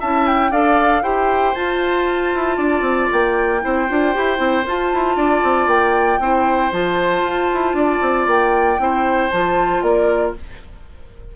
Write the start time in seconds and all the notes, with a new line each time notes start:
0.00 C#4 E4 E5 A5
0.27 G5
0.51 D4 A4 D5 F5
1.02 E4 G4 C5 G5
1.55 F4 A5
2.34 E4
2.57 D4 D5
2.81 C4
3.12 A#3 G5
3.61 C4 E4 C5
3.89 D4 F4
4.14 E4 G4
4.36 C4 E4
4.66 F4 A5
4.93 E4
5.16 D4 D5
5.43 C4
5.67 A#3 G5
6.19 C4 E4 C5
6.72 F3 F4 A5
7.22 F4
7.54 E4
7.73 D4 D5
8.02 C4
8.27 A#3 G5
8.78 C4 E4 C5
9.31 F3 F4 A5
9.82 A#3 A#4 D5